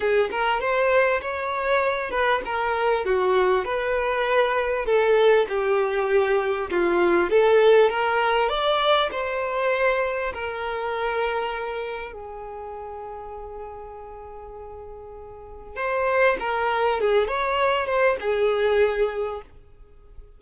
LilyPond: \new Staff \with { instrumentName = "violin" } { \time 4/4 \tempo 4 = 99 gis'8 ais'8 c''4 cis''4. b'8 | ais'4 fis'4 b'2 | a'4 g'2 f'4 | a'4 ais'4 d''4 c''4~ |
c''4 ais'2. | gis'1~ | gis'2 c''4 ais'4 | gis'8 cis''4 c''8 gis'2 | }